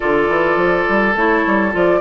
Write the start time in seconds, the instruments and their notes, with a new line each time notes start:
0.00 bassoon D3, clarinet F4, oboe A4, flute D5
0.28 bassoon E3
0.56 bassoon F3
0.89 bassoon G3
1.15 bassoon A3, clarinet E4, flute C#5
1.46 bassoon G3
1.71 bassoon F3, clarinet F4, flute D5